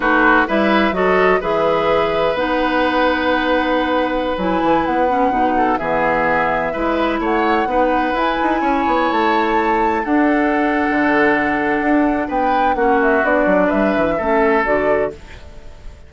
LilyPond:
<<
  \new Staff \with { instrumentName = "flute" } { \time 4/4 \tempo 4 = 127 b'4 e''4 dis''4 e''4~ | e''4 fis''2.~ | fis''4~ fis''16 gis''4 fis''4.~ fis''16~ | fis''16 e''2. fis''8.~ |
fis''4~ fis''16 gis''2 a''8.~ | a''4~ a''16 fis''2~ fis''8.~ | fis''2 g''4 fis''8 e''8 | d''4 e''2 d''4 | }
  \new Staff \with { instrumentName = "oboe" } { \time 4/4 fis'4 b'4 a'4 b'4~ | b'1~ | b'2.~ b'8. a'16~ | a'16 gis'2 b'4 cis''8.~ |
cis''16 b'2 cis''4.~ cis''16~ | cis''4~ cis''16 a'2~ a'8.~ | a'2 b'4 fis'4~ | fis'4 b'4 a'2 | }
  \new Staff \with { instrumentName = "clarinet" } { \time 4/4 dis'4 e'4 fis'4 gis'4~ | gis'4 dis'2.~ | dis'4~ dis'16 e'4. cis'8 dis'8.~ | dis'16 b2 e'4.~ e'16~ |
e'16 dis'4 e'2~ e'8.~ | e'4~ e'16 d'2~ d'8.~ | d'2. cis'4 | d'2 cis'4 fis'4 | }
  \new Staff \with { instrumentName = "bassoon" } { \time 4/4 a4 g4 fis4 e4~ | e4 b2.~ | b4~ b16 fis8 e8 b4 b,8.~ | b,16 e2 gis4 a8.~ |
a16 b4 e'8 dis'8 cis'8 b8 a8.~ | a4~ a16 d'4.~ d'16 d4~ | d4 d'4 b4 ais4 | b8 fis8 g8 e8 a4 d4 | }
>>